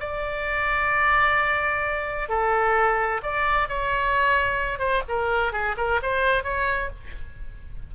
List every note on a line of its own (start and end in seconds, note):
0.00 2.29 D5
2.29 3.21 A4
3.23 3.68 D5
3.68 4.79 C#5
4.79 5.02 C5
5.08 5.52 A#4
5.52 5.75 G#4
5.77 6.00 A#4
6.02 6.43 C5
6.43 6.90 C#5